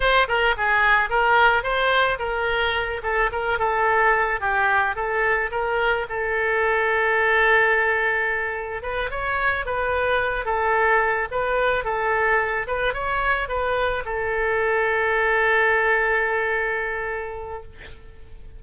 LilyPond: \new Staff \with { instrumentName = "oboe" } { \time 4/4 \tempo 4 = 109 c''8 ais'8 gis'4 ais'4 c''4 | ais'4. a'8 ais'8 a'4. | g'4 a'4 ais'4 a'4~ | a'1 |
b'8 cis''4 b'4. a'4~ | a'8 b'4 a'4. b'8 cis''8~ | cis''8 b'4 a'2~ a'8~ | a'1 | }